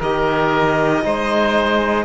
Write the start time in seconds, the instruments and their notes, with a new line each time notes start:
0.00 cello D#3, trombone G4, oboe A#4, violin D#5
1.03 cello G#3, trombone D#4, oboe C5